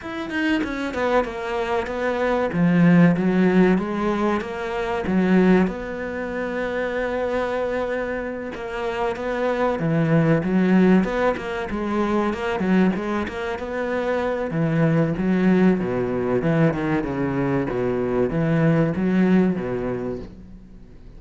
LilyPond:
\new Staff \with { instrumentName = "cello" } { \time 4/4 \tempo 4 = 95 e'8 dis'8 cis'8 b8 ais4 b4 | f4 fis4 gis4 ais4 | fis4 b2.~ | b4. ais4 b4 e8~ |
e8 fis4 b8 ais8 gis4 ais8 | fis8 gis8 ais8 b4. e4 | fis4 b,4 e8 dis8 cis4 | b,4 e4 fis4 b,4 | }